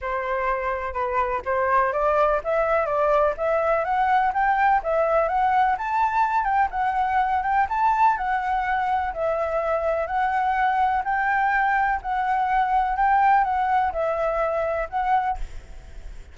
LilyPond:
\new Staff \with { instrumentName = "flute" } { \time 4/4 \tempo 4 = 125 c''2 b'4 c''4 | d''4 e''4 d''4 e''4 | fis''4 g''4 e''4 fis''4 | a''4. g''8 fis''4. g''8 |
a''4 fis''2 e''4~ | e''4 fis''2 g''4~ | g''4 fis''2 g''4 | fis''4 e''2 fis''4 | }